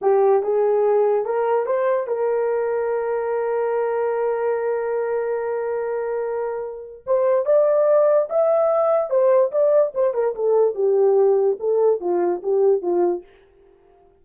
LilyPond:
\new Staff \with { instrumentName = "horn" } { \time 4/4 \tempo 4 = 145 g'4 gis'2 ais'4 | c''4 ais'2.~ | ais'1~ | ais'1~ |
ais'4 c''4 d''2 | e''2 c''4 d''4 | c''8 ais'8 a'4 g'2 | a'4 f'4 g'4 f'4 | }